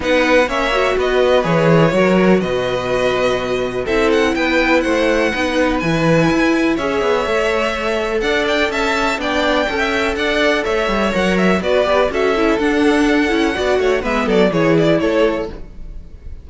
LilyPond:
<<
  \new Staff \with { instrumentName = "violin" } { \time 4/4 \tempo 4 = 124 fis''4 e''4 dis''4 cis''4~ | cis''4 dis''2. | e''8 fis''8 g''4 fis''2 | gis''2 e''2~ |
e''4 fis''8 g''8 a''4 g''4~ | g''4 fis''4 e''4 fis''8 e''8 | d''4 e''4 fis''2~ | fis''4 e''8 d''8 cis''8 d''8 cis''4 | }
  \new Staff \with { instrumentName = "violin" } { \time 4/4 b'4 cis''4 b'2 | ais'4 b'2. | a'4 b'4 c''4 b'4~ | b'2 cis''2~ |
cis''4 d''4 e''4 d''4 | a'16 e''8. d''4 cis''2 | b'4 a'2. | d''8 cis''8 b'8 a'8 gis'4 a'4 | }
  \new Staff \with { instrumentName = "viola" } { \time 4/4 dis'4 cis'8 fis'4. gis'4 | fis'1 | e'2. dis'4 | e'2 gis'4 a'4~ |
a'2. d'4 | a'2. ais'4 | fis'8 g'8 fis'8 e'8 d'4. e'8 | fis'4 b4 e'2 | }
  \new Staff \with { instrumentName = "cello" } { \time 4/4 b4 ais4 b4 e4 | fis4 b,2. | c'4 b4 a4 b4 | e4 e'4 cis'8 b8 a4~ |
a4 d'4 cis'4 b4 | cis'4 d'4 a8 g8 fis4 | b4 cis'4 d'4. cis'8 | b8 a8 gis8 fis8 e4 a4 | }
>>